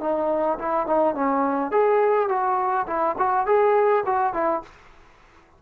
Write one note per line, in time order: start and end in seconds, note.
0.00 0.58 D#4
0.58 0.86 E4
0.86 1.14 D#4
1.14 1.71 C#4
1.71 2.28 G#4
2.28 2.86 F#4
2.87 3.16 E4
3.18 3.46 F#4
3.46 4.04 G#4
4.05 4.33 F#4
4.33 4.62 E4